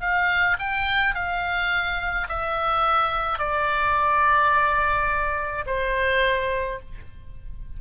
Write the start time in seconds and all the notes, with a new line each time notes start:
0.00 F5
0.59 G5
1.14 F5
2.28 E5
3.39 D5
5.66 C5